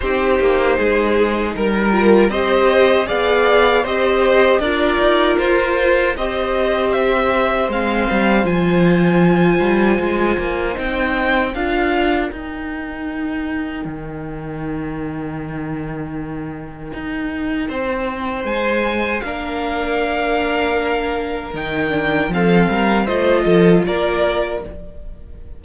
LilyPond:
<<
  \new Staff \with { instrumentName = "violin" } { \time 4/4 \tempo 4 = 78 c''2 ais'4 dis''4 | f''4 dis''4 d''4 c''4 | dis''4 e''4 f''4 gis''4~ | gis''2 g''4 f''4 |
g''1~ | g''1 | gis''4 f''2. | g''4 f''4 dis''4 d''4 | }
  \new Staff \with { instrumentName = "violin" } { \time 4/4 g'4 gis'4 ais'4 c''4 | d''4 c''4 ais'2 | c''1~ | c''2. ais'4~ |
ais'1~ | ais'2. c''4~ | c''4 ais'2.~ | ais'4 a'8 ais'8 c''8 a'8 ais'4 | }
  \new Staff \with { instrumentName = "viola" } { \time 4/4 dis'2~ dis'8 f'8 g'4 | gis'4 g'4 f'2 | g'2 c'4 f'4~ | f'2 dis'4 f'4 |
dis'1~ | dis'1~ | dis'4 d'2. | dis'8 d'8 c'4 f'2 | }
  \new Staff \with { instrumentName = "cello" } { \time 4/4 c'8 ais8 gis4 g4 c'4 | b4 c'4 d'8 dis'8 f'4 | c'2 gis8 g8 f4~ | f8 g8 gis8 ais8 c'4 d'4 |
dis'2 dis2~ | dis2 dis'4 c'4 | gis4 ais2. | dis4 f8 g8 a8 f8 ais4 | }
>>